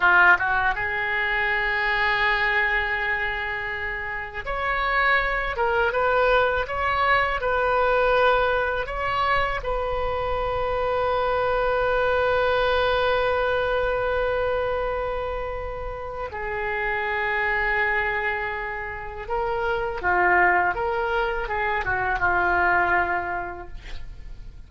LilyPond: \new Staff \with { instrumentName = "oboe" } { \time 4/4 \tempo 4 = 81 f'8 fis'8 gis'2.~ | gis'2 cis''4. ais'8 | b'4 cis''4 b'2 | cis''4 b'2.~ |
b'1~ | b'2 gis'2~ | gis'2 ais'4 f'4 | ais'4 gis'8 fis'8 f'2 | }